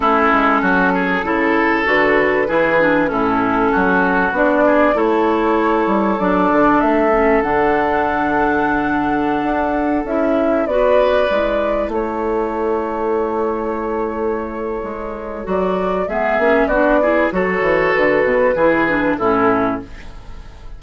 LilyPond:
<<
  \new Staff \with { instrumentName = "flute" } { \time 4/4 \tempo 4 = 97 a'2. b'4~ | b'4 a'2 d''4 | cis''2 d''4 e''4 | fis''1~ |
fis''16 e''4 d''2 cis''8.~ | cis''1~ | cis''4 d''4 e''4 d''4 | cis''4 b'2 a'4 | }
  \new Staff \with { instrumentName = "oboe" } { \time 4/4 e'4 fis'8 gis'8 a'2 | gis'4 e'4 fis'4. gis'8 | a'1~ | a'1~ |
a'4~ a'16 b'2 a'8.~ | a'1~ | a'2 gis'4 fis'8 gis'8 | a'2 gis'4 e'4 | }
  \new Staff \with { instrumentName = "clarinet" } { \time 4/4 cis'2 e'4 fis'4 | e'8 d'8 cis'2 d'4 | e'2 d'4. cis'8 | d'1~ |
d'16 e'4 fis'4 e'4.~ e'16~ | e'1~ | e'4 fis'4 b8 cis'8 d'8 e'8 | fis'2 e'8 d'8 cis'4 | }
  \new Staff \with { instrumentName = "bassoon" } { \time 4/4 a8 gis8 fis4 cis4 d4 | e4 a,4 fis4 b4 | a4. g8 fis8 d8 a4 | d2.~ d16 d'8.~ |
d'16 cis'4 b4 gis4 a8.~ | a1 | gis4 fis4 gis8 ais8 b4 | fis8 e8 d8 b,8 e4 a,4 | }
>>